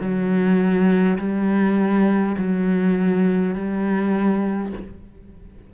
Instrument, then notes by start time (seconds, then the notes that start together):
cello
0.00 F#3
1.18 G3
2.38 F#3
3.55 G3